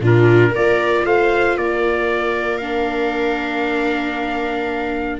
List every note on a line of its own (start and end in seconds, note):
0.00 0.52 A#2
0.00 0.54 D4
0.00 0.50 F4
0.00 0.55 A#4
0.50 1.05 A#3
0.50 2.61 F4
0.50 1.02 A#4
0.50 1.06 D5
1.05 1.57 A3
1.05 1.58 C5
1.05 1.57 F5
1.57 5.20 A#3
1.57 5.20 A#4
1.57 2.58 D5
2.58 5.20 D4
2.58 5.19 F5